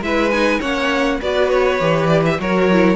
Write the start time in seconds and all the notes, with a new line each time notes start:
0.00 G#3 E4 B4 E5
0.31 D#4 G#5
0.60 A#3 C#4 C#5 F#5
1.21 B3 F#4 B4 D5
1.50 C#5
1.80 E3 G4
2.07 D5
2.26 E5
2.39 F#3 F#4 A#4 C#5
2.71 E4